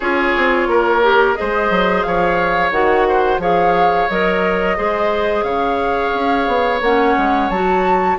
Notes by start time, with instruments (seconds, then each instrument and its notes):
0.00 bassoon C#4, clarinet F4, oboe G#4, flute C#5
0.36 bassoon C4
0.67 bassoon A#3, oboe A#4
1.02 clarinet G4
1.35 clarinet G#4, oboe C5, flute D#5
1.41 bassoon G#3
1.69 bassoon F#3
2.02 bassoon F3, oboe C#5, flute F5
2.71 bassoon D#3, clarinet F#4, flute F#5
3.08 oboe C5
3.38 bassoon F3, clarinet G#4, oboe C#5, flute F5
4.09 bassoon F#3, clarinet A#4, flute D#5
4.77 bassoon G#3, clarinet G#4, oboe C5
5.43 bassoon C#3, oboe C#5, flute F5
6.14 bassoon C#4
6.47 bassoon B3
6.81 bassoon A#3, clarinet C#4, flute F#5
7.17 bassoon G#3
7.49 bassoon F#3, clarinet F#4, flute A5